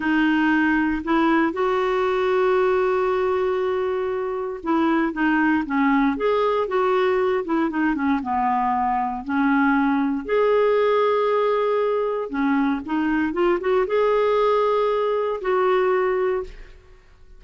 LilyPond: \new Staff \with { instrumentName = "clarinet" } { \time 4/4 \tempo 4 = 117 dis'2 e'4 fis'4~ | fis'1~ | fis'4 e'4 dis'4 cis'4 | gis'4 fis'4. e'8 dis'8 cis'8 |
b2 cis'2 | gis'1 | cis'4 dis'4 f'8 fis'8 gis'4~ | gis'2 fis'2 | }